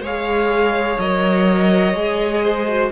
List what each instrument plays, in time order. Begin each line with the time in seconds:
0.00 cello G#3, viola G#4, violin C#5 F5
0.98 cello F#3, viola A#4, violin D#5
1.94 cello G#3, viola G#4
2.44 violin C5
2.67 viola F#4